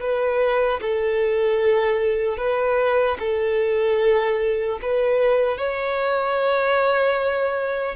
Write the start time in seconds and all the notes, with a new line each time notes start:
0.00 B4
0.81 A4
2.37 B4
3.19 A4
4.82 B4
5.57 C#5